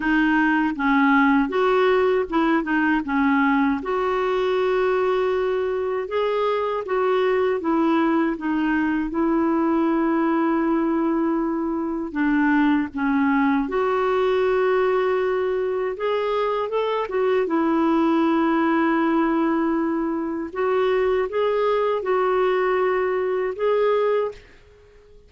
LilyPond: \new Staff \with { instrumentName = "clarinet" } { \time 4/4 \tempo 4 = 79 dis'4 cis'4 fis'4 e'8 dis'8 | cis'4 fis'2. | gis'4 fis'4 e'4 dis'4 | e'1 |
d'4 cis'4 fis'2~ | fis'4 gis'4 a'8 fis'8 e'4~ | e'2. fis'4 | gis'4 fis'2 gis'4 | }